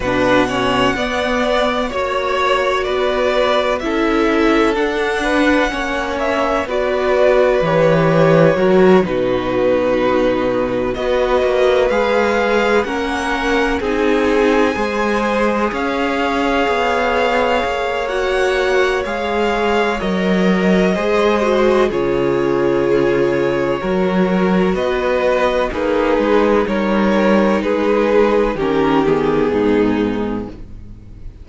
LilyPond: <<
  \new Staff \with { instrumentName = "violin" } { \time 4/4 \tempo 4 = 63 fis''2 cis''4 d''4 | e''4 fis''4. e''8 d''4 | cis''4. b'2 dis''8~ | dis''8 f''4 fis''4 gis''4.~ |
gis''8 f''2~ f''8 fis''4 | f''4 dis''2 cis''4~ | cis''2 dis''4 b'4 | cis''4 b'4 ais'8 gis'4. | }
  \new Staff \with { instrumentName = "violin" } { \time 4/4 b'8 cis''8 d''4 cis''4 b'4 | a'4. b'8 cis''4 b'4~ | b'4 ais'8 fis'2 b'8~ | b'4. ais'4 gis'4 c''8~ |
c''8 cis''2.~ cis''8~ | cis''2 c''4 gis'4~ | gis'4 ais'4 b'4 dis'4 | ais'4 gis'4 g'4 dis'4 | }
  \new Staff \with { instrumentName = "viola" } { \time 4/4 d'8 cis'8 b4 fis'2 | e'4 d'4 cis'4 fis'4 | g'4 fis'8 dis'2 fis'8~ | fis'8 gis'4 cis'4 dis'4 gis'8~ |
gis'2. fis'4 | gis'4 ais'4 gis'8 fis'8 f'4~ | f'4 fis'2 gis'4 | dis'2 cis'8 b4. | }
  \new Staff \with { instrumentName = "cello" } { \time 4/4 b,4 b4 ais4 b4 | cis'4 d'4 ais4 b4 | e4 fis8 b,2 b8 | ais8 gis4 ais4 c'4 gis8~ |
gis8 cis'4 b4 ais4. | gis4 fis4 gis4 cis4~ | cis4 fis4 b4 ais8 gis8 | g4 gis4 dis4 gis,4 | }
>>